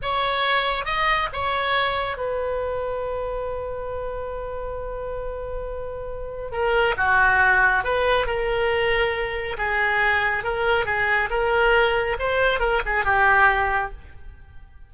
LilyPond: \new Staff \with { instrumentName = "oboe" } { \time 4/4 \tempo 4 = 138 cis''2 dis''4 cis''4~ | cis''4 b'2.~ | b'1~ | b'2. ais'4 |
fis'2 b'4 ais'4~ | ais'2 gis'2 | ais'4 gis'4 ais'2 | c''4 ais'8 gis'8 g'2 | }